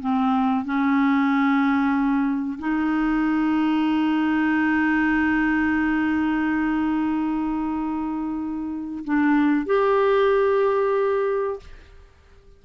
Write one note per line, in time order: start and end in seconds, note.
0.00 0.65 C4
0.65 2.58 C#4
2.59 9.04 D#4
9.04 9.66 D4
9.66 11.59 G4